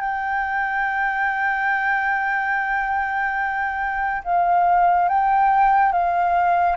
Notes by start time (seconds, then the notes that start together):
0.00 G5
4.24 F5
5.09 G5
5.92 F5